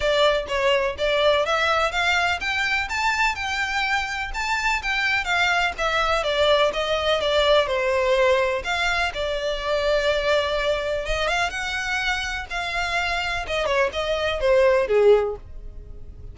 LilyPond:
\new Staff \with { instrumentName = "violin" } { \time 4/4 \tempo 4 = 125 d''4 cis''4 d''4 e''4 | f''4 g''4 a''4 g''4~ | g''4 a''4 g''4 f''4 | e''4 d''4 dis''4 d''4 |
c''2 f''4 d''4~ | d''2. dis''8 f''8 | fis''2 f''2 | dis''8 cis''8 dis''4 c''4 gis'4 | }